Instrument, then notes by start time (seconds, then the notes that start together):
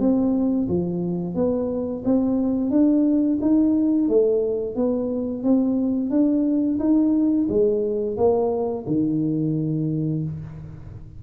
tuba
0.00 C4
0.69 F3
1.35 B3
2.05 C4
2.71 D4
3.42 D#4
4.09 A3
4.76 B3
5.44 C4
6.11 D4
6.80 D#4
7.49 G#3
8.18 A#3
8.87 D#3